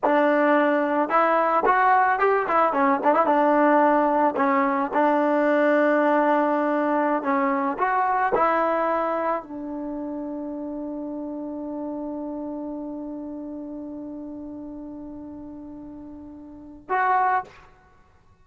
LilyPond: \new Staff \with { instrumentName = "trombone" } { \time 4/4 \tempo 4 = 110 d'2 e'4 fis'4 | g'8 e'8 cis'8 d'16 e'16 d'2 | cis'4 d'2.~ | d'4~ d'16 cis'4 fis'4 e'8.~ |
e'4~ e'16 d'2~ d'8.~ | d'1~ | d'1~ | d'2. fis'4 | }